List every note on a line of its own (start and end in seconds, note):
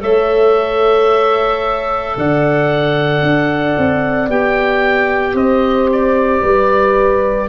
0.00 2.16 A3
0.00 4.29 A4
0.00 2.17 C#5
0.00 2.17 E5
2.17 3.22 D3
2.17 5.34 D5
2.17 4.30 F#5
3.22 3.76 D4
3.78 4.28 C4
4.28 5.34 B3
4.28 7.49 G4
4.28 5.36 G5
5.34 6.41 C4
5.34 6.42 C5
5.34 5.90 D#5
5.92 7.49 D5
6.42 7.49 G3
6.42 7.49 B4